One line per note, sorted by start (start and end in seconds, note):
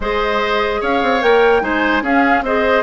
0.00 0.80 G#3
0.00 1.21 G#4
0.00 0.81 C5
0.00 0.82 D#5
0.81 1.02 C#4
0.81 1.62 C#5
0.81 1.22 F5
1.02 1.22 C4
1.21 1.62 A#3
1.21 1.61 A#4
1.21 1.63 G5
1.61 2.02 G#3
1.61 2.02 D#4
1.61 2.03 C5
1.61 2.03 G#5
2.02 2.42 C#4
2.02 2.44 C#4
2.02 2.43 G#4
2.02 2.44 F5
2.42 2.82 C4
2.42 2.83 G#4
2.42 2.83 C5
2.42 2.83 D#5